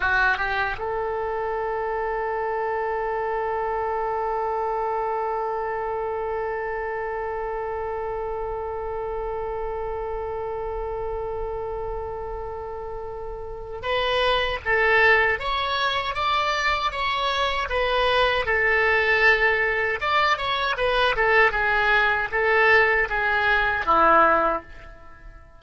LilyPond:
\new Staff \with { instrumentName = "oboe" } { \time 4/4 \tempo 4 = 78 fis'8 g'8 a'2.~ | a'1~ | a'1~ | a'1~ |
a'2 b'4 a'4 | cis''4 d''4 cis''4 b'4 | a'2 d''8 cis''8 b'8 a'8 | gis'4 a'4 gis'4 e'4 | }